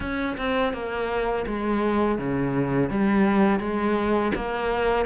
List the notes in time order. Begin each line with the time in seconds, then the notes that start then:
0.00 C#4
0.37 C4
0.73 A#3
1.46 G#3
2.18 C#3
2.90 G3
3.59 G#3
4.35 A#3